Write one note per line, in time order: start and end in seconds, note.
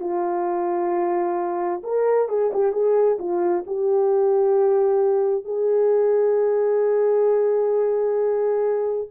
0.00 1.82 F4
1.83 2.28 A#4
2.28 2.51 G#4
2.53 2.72 G4
2.72 3.17 G#4
3.19 3.64 F4
3.67 5.44 G4
5.44 9.08 G#4